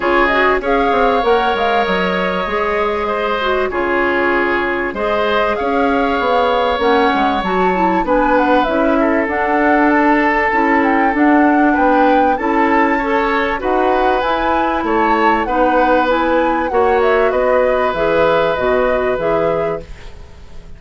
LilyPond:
<<
  \new Staff \with { instrumentName = "flute" } { \time 4/4 \tempo 4 = 97 cis''8 dis''8 f''4 fis''8 f''8 dis''4~ | dis''2 cis''2 | dis''4 f''2 fis''4 | a''4 gis''8 fis''8 e''4 fis''4 |
a''4. g''8 fis''4 g''4 | a''2 fis''4 gis''4 | a''4 fis''4 gis''4 fis''8 e''8 | dis''4 e''4 dis''4 e''4 | }
  \new Staff \with { instrumentName = "oboe" } { \time 4/4 gis'4 cis''2.~ | cis''4 c''4 gis'2 | c''4 cis''2.~ | cis''4 b'4. a'4.~ |
a'2. b'4 | a'4 cis''4 b'2 | cis''4 b'2 cis''4 | b'1 | }
  \new Staff \with { instrumentName = "clarinet" } { \time 4/4 f'8 fis'8 gis'4 ais'2 | gis'4. fis'8 f'2 | gis'2. cis'4 | fis'8 e'8 d'4 e'4 d'4~ |
d'4 e'4 d'2 | e'4 a'4 fis'4 e'4~ | e'4 dis'4 e'4 fis'4~ | fis'4 gis'4 fis'4 gis'4 | }
  \new Staff \with { instrumentName = "bassoon" } { \time 4/4 cis4 cis'8 c'8 ais8 gis8 fis4 | gis2 cis2 | gis4 cis'4 b4 ais8 gis8 | fis4 b4 cis'4 d'4~ |
d'4 cis'4 d'4 b4 | cis'2 dis'4 e'4 | a4 b2 ais4 | b4 e4 b,4 e4 | }
>>